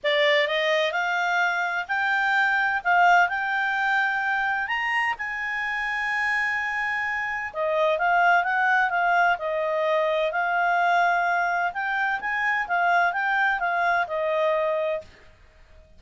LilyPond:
\new Staff \with { instrumentName = "clarinet" } { \time 4/4 \tempo 4 = 128 d''4 dis''4 f''2 | g''2 f''4 g''4~ | g''2 ais''4 gis''4~ | gis''1 |
dis''4 f''4 fis''4 f''4 | dis''2 f''2~ | f''4 g''4 gis''4 f''4 | g''4 f''4 dis''2 | }